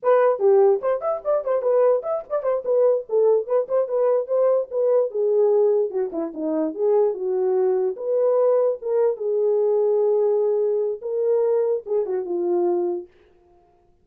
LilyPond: \new Staff \with { instrumentName = "horn" } { \time 4/4 \tempo 4 = 147 b'4 g'4 c''8 e''8 d''8 c''8 | b'4 e''8 d''8 c''8 b'4 a'8~ | a'8 b'8 c''8 b'4 c''4 b'8~ | b'8 gis'2 fis'8 e'8 dis'8~ |
dis'8 gis'4 fis'2 b'8~ | b'4. ais'4 gis'4.~ | gis'2. ais'4~ | ais'4 gis'8 fis'8 f'2 | }